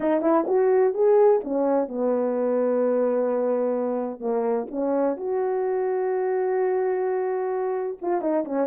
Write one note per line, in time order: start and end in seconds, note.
0.00 0.21 D#4
0.21 0.45 E4
0.47 0.94 F#4
0.94 1.40 G#4
1.44 1.88 C#4
1.88 4.20 B3
4.20 4.66 A#3
4.70 5.16 C#4
5.16 7.98 F#4
8.01 8.21 F4
8.21 8.44 D#4
8.44 8.67 C#4